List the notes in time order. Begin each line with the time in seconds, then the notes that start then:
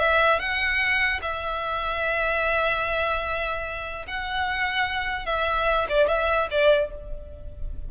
0.00 E5
0.40 F#5
1.22 E5
4.08 F#5
5.26 E5
5.90 D5
6.08 E5
6.51 D5